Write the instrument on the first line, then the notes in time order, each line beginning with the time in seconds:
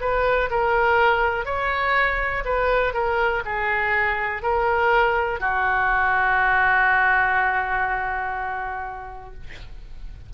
oboe
0.00 B4
0.50 A#4
1.45 C#5
2.45 B4
2.93 A#4
3.45 G#4
4.42 A#4
5.40 F#4